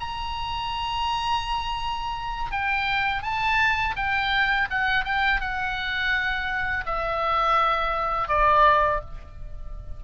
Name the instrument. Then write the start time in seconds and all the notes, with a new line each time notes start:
oboe
0.00 A#5
2.51 G5
3.22 A5
3.96 G5
4.70 F#5
5.04 G5
5.40 F#5
6.85 E5
8.28 D5